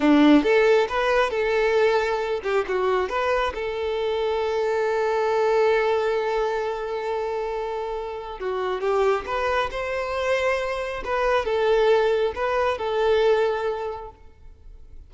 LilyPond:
\new Staff \with { instrumentName = "violin" } { \time 4/4 \tempo 4 = 136 d'4 a'4 b'4 a'4~ | a'4. g'8 fis'4 b'4 | a'1~ | a'1~ |
a'2. fis'4 | g'4 b'4 c''2~ | c''4 b'4 a'2 | b'4 a'2. | }